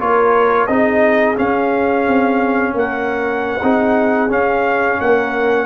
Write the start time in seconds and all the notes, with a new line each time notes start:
0.00 A#3 F4 A#4 C#5
0.67 C4 D#4 G#4 D#5
1.36 C#4 F5
2.08 C4
2.75 A#3 A#4 F#5
3.62 C4 D#4 G#4
4.29 C#4 F5
5.01 A#3 A#4 F#5